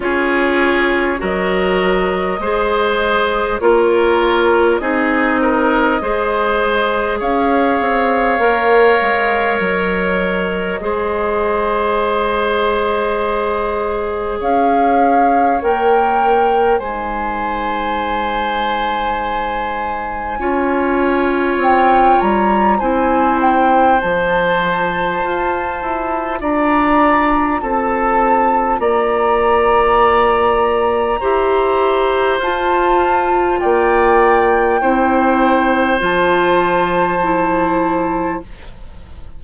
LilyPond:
<<
  \new Staff \with { instrumentName = "flute" } { \time 4/4 \tempo 4 = 50 cis''4 dis''2 cis''4 | dis''2 f''2 | dis''1 | f''4 g''4 gis''2~ |
gis''2 g''8 ais''8 gis''8 g''8 | a''2 ais''4 a''4 | ais''2. a''4 | g''2 a''2 | }
  \new Staff \with { instrumentName = "oboe" } { \time 4/4 gis'4 ais'4 c''4 ais'4 | gis'8 ais'8 c''4 cis''2~ | cis''4 c''2. | cis''2 c''2~ |
c''4 cis''2 c''4~ | c''2 d''4 a'4 | d''2 c''2 | d''4 c''2. | }
  \new Staff \with { instrumentName = "clarinet" } { \time 4/4 f'4 fis'4 gis'4 f'4 | dis'4 gis'2 ais'4~ | ais'4 gis'2.~ | gis'4 ais'4 dis'2~ |
dis'4 f'2 e'4 | f'1~ | f'2 g'4 f'4~ | f'4 e'4 f'4 e'4 | }
  \new Staff \with { instrumentName = "bassoon" } { \time 4/4 cis'4 fis4 gis4 ais4 | c'4 gis4 cis'8 c'8 ais8 gis8 | fis4 gis2. | cis'4 ais4 gis2~ |
gis4 cis'4 c'8 g8 c'4 | f4 f'8 e'8 d'4 c'4 | ais2 e'4 f'4 | ais4 c'4 f2 | }
>>